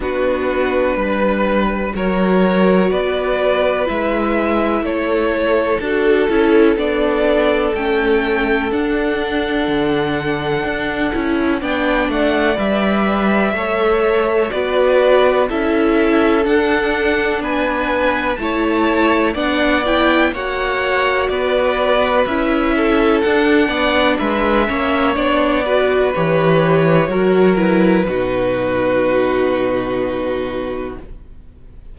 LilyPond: <<
  \new Staff \with { instrumentName = "violin" } { \time 4/4 \tempo 4 = 62 b'2 cis''4 d''4 | e''4 cis''4 a'4 d''4 | g''4 fis''2. | g''8 fis''8 e''2 d''4 |
e''4 fis''4 gis''4 a''4 | fis''8 g''8 fis''4 d''4 e''4 | fis''4 e''4 d''4 cis''4~ | cis''8 b'2.~ b'8 | }
  \new Staff \with { instrumentName = "violin" } { \time 4/4 fis'4 b'4 ais'4 b'4~ | b'4 a'2.~ | a'1 | d''2 cis''4 b'4 |
a'2 b'4 cis''4 | d''4 cis''4 b'4. a'8~ | a'8 d''8 b'8 cis''4 b'4. | ais'4 fis'2. | }
  \new Staff \with { instrumentName = "viola" } { \time 4/4 d'2 fis'2 | e'2 fis'8 e'8 d'4 | cis'4 d'2~ d'8 e'8 | d'4 b'4 a'4 fis'4 |
e'4 d'2 e'4 | d'8 e'8 fis'2 e'4 | d'4. cis'8 d'8 fis'8 g'4 | fis'8 e'8 dis'2. | }
  \new Staff \with { instrumentName = "cello" } { \time 4/4 b4 g4 fis4 b4 | gis4 a4 d'8 cis'8 b4 | a4 d'4 d4 d'8 cis'8 | b8 a8 g4 a4 b4 |
cis'4 d'4 b4 a4 | b4 ais4 b4 cis'4 | d'8 b8 gis8 ais8 b4 e4 | fis4 b,2. | }
>>